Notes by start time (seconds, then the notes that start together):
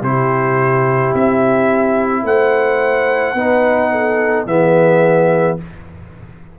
0.00 C3 E4 G4 C5
1.14 C4 E5
2.23 A3 C5 F#5
3.34 B3 D#4 B4
3.91 A4
4.46 E3 B3 G#4 E5